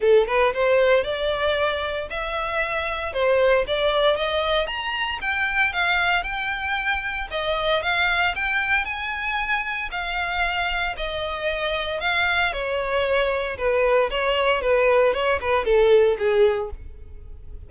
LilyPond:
\new Staff \with { instrumentName = "violin" } { \time 4/4 \tempo 4 = 115 a'8 b'8 c''4 d''2 | e''2 c''4 d''4 | dis''4 ais''4 g''4 f''4 | g''2 dis''4 f''4 |
g''4 gis''2 f''4~ | f''4 dis''2 f''4 | cis''2 b'4 cis''4 | b'4 cis''8 b'8 a'4 gis'4 | }